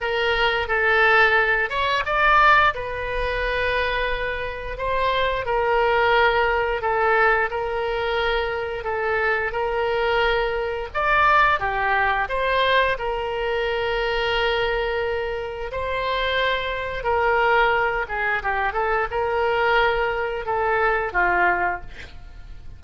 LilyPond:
\new Staff \with { instrumentName = "oboe" } { \time 4/4 \tempo 4 = 88 ais'4 a'4. cis''8 d''4 | b'2. c''4 | ais'2 a'4 ais'4~ | ais'4 a'4 ais'2 |
d''4 g'4 c''4 ais'4~ | ais'2. c''4~ | c''4 ais'4. gis'8 g'8 a'8 | ais'2 a'4 f'4 | }